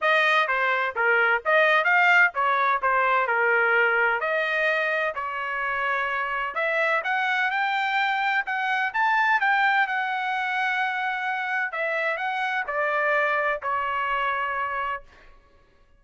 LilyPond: \new Staff \with { instrumentName = "trumpet" } { \time 4/4 \tempo 4 = 128 dis''4 c''4 ais'4 dis''4 | f''4 cis''4 c''4 ais'4~ | ais'4 dis''2 cis''4~ | cis''2 e''4 fis''4 |
g''2 fis''4 a''4 | g''4 fis''2.~ | fis''4 e''4 fis''4 d''4~ | d''4 cis''2. | }